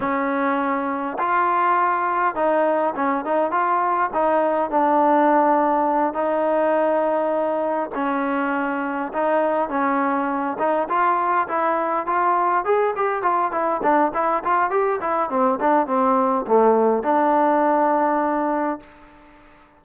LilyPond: \new Staff \with { instrumentName = "trombone" } { \time 4/4 \tempo 4 = 102 cis'2 f'2 | dis'4 cis'8 dis'8 f'4 dis'4 | d'2~ d'8 dis'4.~ | dis'4. cis'2 dis'8~ |
dis'8 cis'4. dis'8 f'4 e'8~ | e'8 f'4 gis'8 g'8 f'8 e'8 d'8 | e'8 f'8 g'8 e'8 c'8 d'8 c'4 | a4 d'2. | }